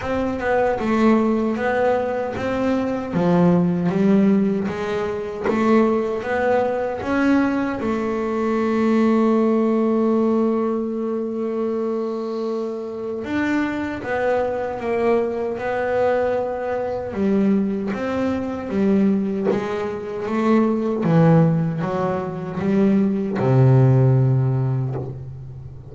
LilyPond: \new Staff \with { instrumentName = "double bass" } { \time 4/4 \tempo 4 = 77 c'8 b8 a4 b4 c'4 | f4 g4 gis4 a4 | b4 cis'4 a2~ | a1~ |
a4 d'4 b4 ais4 | b2 g4 c'4 | g4 gis4 a4 e4 | fis4 g4 c2 | }